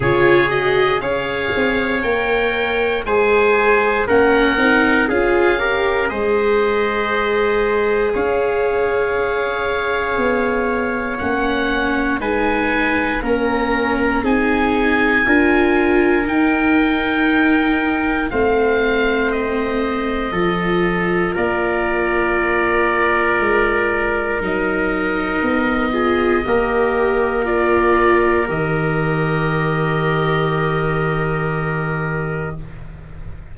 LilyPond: <<
  \new Staff \with { instrumentName = "oboe" } { \time 4/4 \tempo 4 = 59 cis''8 dis''8 f''4 g''4 gis''4 | fis''4 f''4 dis''2 | f''2. fis''4 | gis''4 ais''4 gis''2 |
g''2 f''4 dis''4~ | dis''4 d''2. | dis''2. d''4 | dis''1 | }
  \new Staff \with { instrumentName = "trumpet" } { \time 4/4 gis'4 cis''2 c''4 | ais'4 gis'8 ais'8 c''2 | cis''1 | b'4 ais'4 gis'4 ais'4~ |
ais'2 c''2 | a'4 ais'2.~ | ais'4. gis'8 ais'2~ | ais'1 | }
  \new Staff \with { instrumentName = "viola" } { \time 4/4 f'8 fis'8 gis'4 ais'4 gis'4 | cis'8 dis'8 f'8 g'8 gis'2~ | gis'2. cis'4 | dis'4 cis'4 dis'4 f'4 |
dis'2 c'2 | f'1 | dis'4. f'8 g'4 f'4 | g'1 | }
  \new Staff \with { instrumentName = "tuba" } { \time 4/4 cis4 cis'8 c'8 ais4 gis4 | ais8 c'8 cis'4 gis2 | cis'2 b4 ais4 | gis4 ais4 c'4 d'4 |
dis'2 a2 | f4 ais2 gis4 | fis4 b4 ais2 | dis1 | }
>>